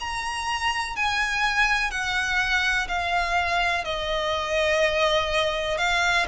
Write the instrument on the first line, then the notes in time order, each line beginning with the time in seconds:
violin
0.00 A#5
0.95 G#5
1.90 F#5
2.88 F5
3.84 D#5
5.78 F5